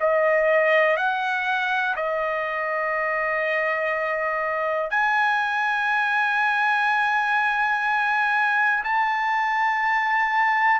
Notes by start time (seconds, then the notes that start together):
0.00 D#5
0.97 F#5
1.95 D#5
4.90 G#5
8.83 A5